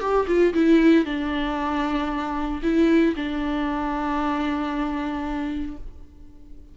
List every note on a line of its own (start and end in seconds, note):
0.00 0.26 G4
0.27 0.53 F4
0.54 1.05 E4
1.05 2.62 D4
2.62 3.14 E4
3.16 5.77 D4